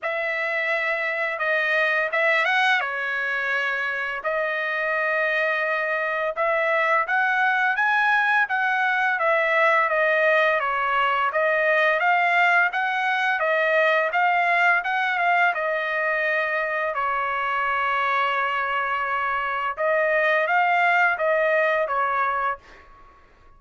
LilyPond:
\new Staff \with { instrumentName = "trumpet" } { \time 4/4 \tempo 4 = 85 e''2 dis''4 e''8 fis''8 | cis''2 dis''2~ | dis''4 e''4 fis''4 gis''4 | fis''4 e''4 dis''4 cis''4 |
dis''4 f''4 fis''4 dis''4 | f''4 fis''8 f''8 dis''2 | cis''1 | dis''4 f''4 dis''4 cis''4 | }